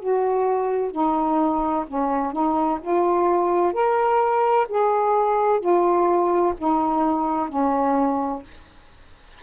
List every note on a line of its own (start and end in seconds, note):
0.00 0.92 F#4
0.92 1.85 D#4
1.88 2.33 C#4
2.33 2.80 D#4
2.82 3.73 F4
3.73 4.67 A#4
4.69 5.60 G#4
5.60 6.54 F4
6.58 7.49 D#4
7.49 8.43 C#4